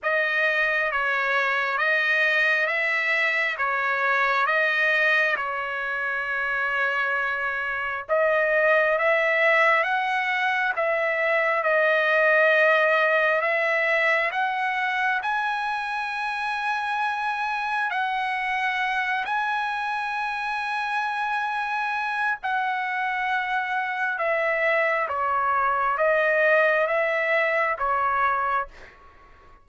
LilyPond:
\new Staff \with { instrumentName = "trumpet" } { \time 4/4 \tempo 4 = 67 dis''4 cis''4 dis''4 e''4 | cis''4 dis''4 cis''2~ | cis''4 dis''4 e''4 fis''4 | e''4 dis''2 e''4 |
fis''4 gis''2. | fis''4. gis''2~ gis''8~ | gis''4 fis''2 e''4 | cis''4 dis''4 e''4 cis''4 | }